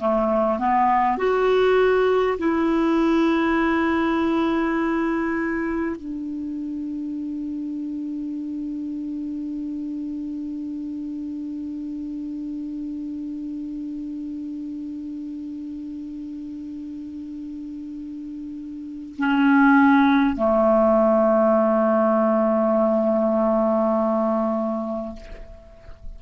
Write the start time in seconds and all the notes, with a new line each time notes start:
0.00 A3
0.59 B3
1.18 F#4
2.39 E4
5.96 D4
19.19 C#4
20.37 A3